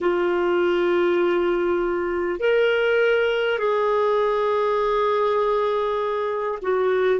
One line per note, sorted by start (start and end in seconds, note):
0.01 2.39 F4
2.39 3.58 A#4
3.58 6.58 G#4
6.62 7.19 F#4